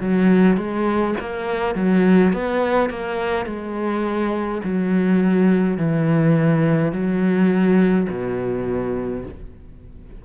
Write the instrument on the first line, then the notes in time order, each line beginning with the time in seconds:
cello
0.00 F#3
0.57 G#3
1.20 A#3
1.75 F#3
2.33 B3
2.90 A#3
3.46 G#3
4.64 F#3
5.77 E3
6.92 F#3
8.09 B2